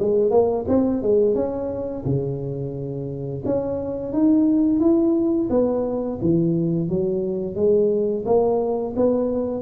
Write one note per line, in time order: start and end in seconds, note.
0.00 0.31 G#3
0.31 0.65 A#3
0.68 1.03 C4
1.03 1.35 G#3
1.35 2.04 C#4
2.05 3.43 C#3
3.46 4.13 C#4
4.13 4.80 D#4
4.80 5.49 E4
5.50 6.19 B3
6.22 6.89 E3
6.89 7.56 F#3
7.56 8.25 G#3
8.26 8.95 A#3
8.97 9.62 B3